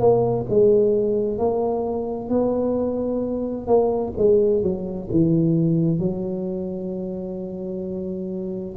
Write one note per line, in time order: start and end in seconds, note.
0.00 0.46 A#3
0.50 1.38 G#3
1.38 2.30 A#3
2.30 3.67 B3
3.67 4.13 A#3
4.17 4.63 G#3
4.63 5.09 F#3
5.11 5.99 E3
5.99 8.76 F#3